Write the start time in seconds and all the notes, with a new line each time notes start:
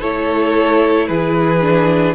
0.00 A3 E4 A4 C#5
1.08 E3 G#4 B4
1.62 D4